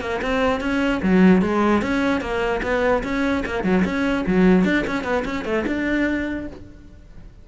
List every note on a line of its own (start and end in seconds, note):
0.00 0.20 A#3
0.22 0.60 C4
0.60 1.01 C#4
1.02 1.41 F#3
1.41 1.82 G#3
1.82 2.20 C#4
2.20 2.61 A#3
2.62 3.03 B3
3.03 3.43 C#4
3.45 3.63 A#3
3.63 3.83 F#3
3.84 4.25 C#4
4.26 4.64 F#3
4.64 4.84 D4
4.87 5.03 C#4
5.03 5.23 B3
5.25 5.44 C#4
5.44 5.64 A3
5.66 6.47 D4